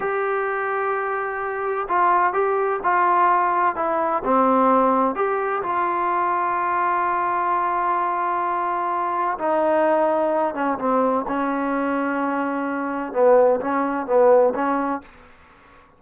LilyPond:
\new Staff \with { instrumentName = "trombone" } { \time 4/4 \tempo 4 = 128 g'1 | f'4 g'4 f'2 | e'4 c'2 g'4 | f'1~ |
f'1 | dis'2~ dis'8 cis'8 c'4 | cis'1 | b4 cis'4 b4 cis'4 | }